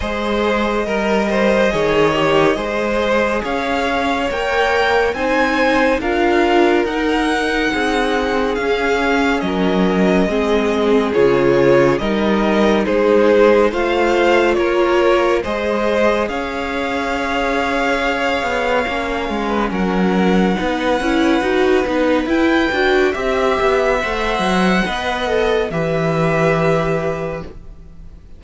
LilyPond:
<<
  \new Staff \with { instrumentName = "violin" } { \time 4/4 \tempo 4 = 70 dis''1 | f''4 g''4 gis''4 f''4 | fis''2 f''4 dis''4~ | dis''4 cis''4 dis''4 c''4 |
f''4 cis''4 dis''4 f''4~ | f''2. fis''4~ | fis''2 g''4 e''4 | fis''2 e''2 | }
  \new Staff \with { instrumentName = "violin" } { \time 4/4 c''4 ais'8 c''8 cis''4 c''4 | cis''2 c''4 ais'4~ | ais'4 gis'2 ais'4 | gis'2 ais'4 gis'4 |
c''4 ais'4 c''4 cis''4~ | cis''2~ cis''8. b'16 ais'4 | b'2. e''4~ | e''4 dis''4 b'2 | }
  \new Staff \with { instrumentName = "viola" } { \time 4/4 gis'4 ais'4 gis'8 g'8 gis'4~ | gis'4 ais'4 dis'4 f'4 | dis'2 cis'2 | c'4 f'4 dis'2 |
f'2 gis'2~ | gis'2 cis'2 | dis'8 e'8 fis'8 dis'8 e'8 fis'8 g'4 | c''4 b'8 a'8 g'2 | }
  \new Staff \with { instrumentName = "cello" } { \time 4/4 gis4 g4 dis4 gis4 | cis'4 ais4 c'4 d'4 | dis'4 c'4 cis'4 fis4 | gis4 cis4 g4 gis4 |
a4 ais4 gis4 cis'4~ | cis'4. b8 ais8 gis8 fis4 | b8 cis'8 dis'8 b8 e'8 d'8 c'8 b8 | a8 fis8 b4 e2 | }
>>